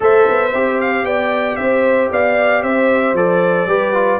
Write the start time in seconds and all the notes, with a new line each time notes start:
0.00 A3 A4 C5 E5
0.28 B3
0.53 C4 G4
0.80 F5
1.03 B3 D5 G5
1.56 C4 C5 E5
2.11 B3 D5 F5
2.62 C4 C5 E5
3.13 F3 A4 D5
3.66 G3 G4 B4
3.94 F4